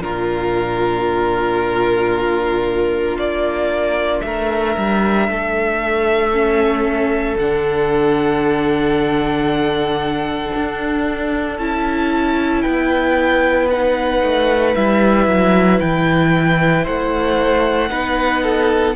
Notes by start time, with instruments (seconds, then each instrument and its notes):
0.00 cello A#2, viola D4, violin F4 A#4
3.16 cello A#3, violin D5
4.21 cello A3, violin A#4 E5
4.77 cello G3
5.29 cello A3, violin A4
6.32 viola C#4
7.36 cello D3, viola D4, violin F#5
10.57 cello D4
11.59 cello C#4, viola E4, violin A5
12.62 cello B3, violin B4 G5
13.71 viola D#4, violin F#5
14.23 cello A3
14.76 cello G3, viola E4, violin E5
15.27 cello F#3
15.80 cello E3, violin G5
16.84 cello A3, violin C5 F#5
17.90 cello B3, viola D#4, violin B4
18.44 violin A4